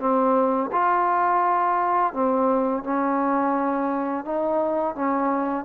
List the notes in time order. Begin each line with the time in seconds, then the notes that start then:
0.00 C4
0.73 F4
2.14 C4
2.84 C#4
4.25 D#4
4.96 C#4